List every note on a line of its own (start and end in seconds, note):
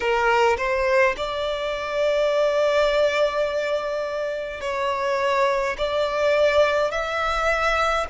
0.00 0.57 A#4
0.57 1.15 C5
1.16 4.60 D5
4.60 5.76 C#5
5.77 6.91 D5
6.91 8.06 E5